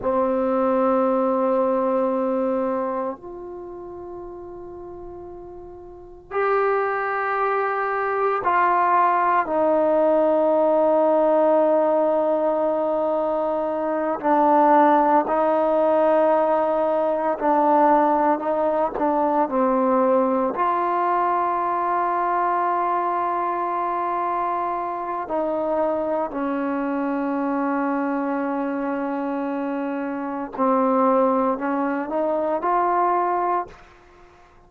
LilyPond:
\new Staff \with { instrumentName = "trombone" } { \time 4/4 \tempo 4 = 57 c'2. f'4~ | f'2 g'2 | f'4 dis'2.~ | dis'4. d'4 dis'4.~ |
dis'8 d'4 dis'8 d'8 c'4 f'8~ | f'1 | dis'4 cis'2.~ | cis'4 c'4 cis'8 dis'8 f'4 | }